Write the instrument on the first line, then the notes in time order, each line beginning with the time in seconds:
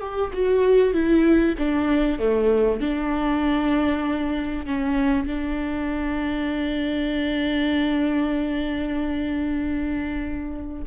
viola
0.00 G4
0.33 F#4
0.93 E4
1.58 D4
2.19 A3
2.81 D4
4.66 C#4
5.27 D4